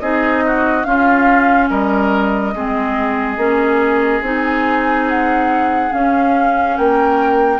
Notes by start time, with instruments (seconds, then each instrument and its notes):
0.00 bassoon C4, clarinet D#4, oboe G#4, flute D#5
0.46 oboe F#4
0.84 clarinet C#4, bassoon C#4, oboe F4, flute F5
1.70 bassoon G3, oboe A#4, flute D#5
2.55 bassoon G#3, clarinet C4, oboe G#4
3.37 bassoon A#3, clarinet C#4
4.21 bassoon C4, clarinet D#4, flute G#5
5.09 flute F#5
5.91 clarinet C#4, bassoon C#4, flute F5
6.77 bassoon A#3, oboe A#4, flute G5